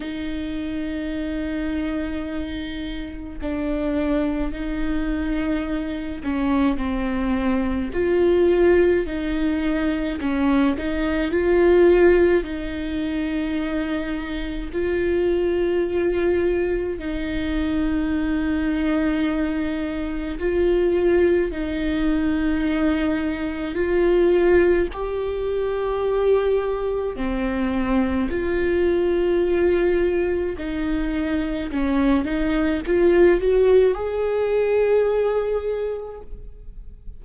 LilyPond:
\new Staff \with { instrumentName = "viola" } { \time 4/4 \tempo 4 = 53 dis'2. d'4 | dis'4. cis'8 c'4 f'4 | dis'4 cis'8 dis'8 f'4 dis'4~ | dis'4 f'2 dis'4~ |
dis'2 f'4 dis'4~ | dis'4 f'4 g'2 | c'4 f'2 dis'4 | cis'8 dis'8 f'8 fis'8 gis'2 | }